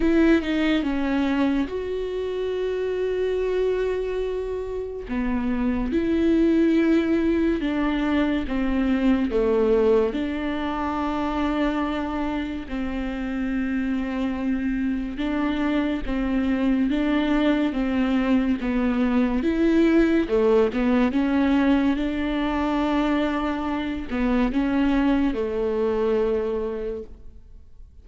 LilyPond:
\new Staff \with { instrumentName = "viola" } { \time 4/4 \tempo 4 = 71 e'8 dis'8 cis'4 fis'2~ | fis'2 b4 e'4~ | e'4 d'4 c'4 a4 | d'2. c'4~ |
c'2 d'4 c'4 | d'4 c'4 b4 e'4 | a8 b8 cis'4 d'2~ | d'8 b8 cis'4 a2 | }